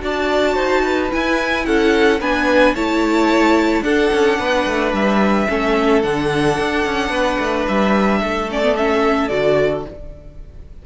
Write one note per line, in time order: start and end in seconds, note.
0.00 0.56 D4
0.00 1.09 F#4
0.00 0.54 D5
0.00 1.12 A5
0.54 1.10 D#4
0.54 0.81 C5
0.83 1.65 B4
1.11 2.20 E4
1.11 1.66 E4
1.11 1.66 G#5
1.66 2.20 C#4
1.66 2.20 A4
1.66 2.20 F#5
2.20 2.74 B3
2.20 2.75 D4
2.20 2.74 B4
2.20 2.75 G#5
2.74 3.81 A3
2.74 3.83 E4
2.74 3.83 C#5
2.74 3.83 A5
3.81 4.09 D4
3.81 5.47 D4
3.81 4.39 A4
3.81 4.92 F#5
4.12 4.39 C#4
4.39 4.66 B3
4.39 5.48 B4
4.66 4.92 A3
4.92 5.47 G3
4.92 6.02 E5
5.48 6.03 A3
5.48 6.02 C#4
5.48 7.10 A4
6.02 6.58 D3
6.02 8.48 D4
6.02 7.66 F#5
6.58 6.85 D4
6.85 7.09 C#4
7.09 7.36 B3
7.09 8.19 B4
7.38 7.66 A3
7.67 8.21 G3
7.67 8.49 E5
8.21 9.30 A3
8.21 9.85 A4
8.49 8.62 C#4
8.49 8.76 D5
8.62 8.75 B3
8.76 9.29 C#4
8.76 9.28 E5
9.28 9.85 D3
9.28 9.84 F#4
9.28 9.82 D5